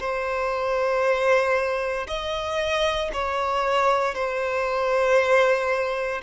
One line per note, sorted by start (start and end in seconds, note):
0.00 2.07 C5
2.07 3.11 D#5
3.13 4.14 C#5
4.14 6.21 C5